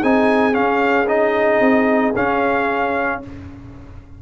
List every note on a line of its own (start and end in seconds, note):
0.00 0.56 C4
0.00 0.53 D#4
0.00 3.19 G#4
0.00 0.55 G#5
0.53 1.06 C#4
0.53 1.61 C#4
0.53 1.08 F5
1.07 2.14 D#4
1.07 2.14 D#5
1.61 2.14 C4
2.16 3.22 C#4
2.16 3.22 F5